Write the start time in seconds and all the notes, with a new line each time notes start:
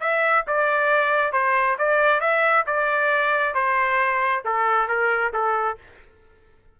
0.00 E5
0.47 D5
1.32 C5
1.78 D5
2.20 E5
2.66 D5
3.54 C5
4.44 A4
4.88 A#4
5.33 A4